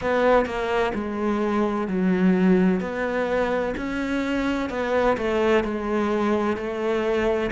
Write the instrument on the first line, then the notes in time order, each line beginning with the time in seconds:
cello
0.01 B3
0.45 A#3
0.94 G#3
1.87 F#3
2.80 B3
3.77 C#4
4.69 B3
5.17 A3
5.63 G#3
6.56 A3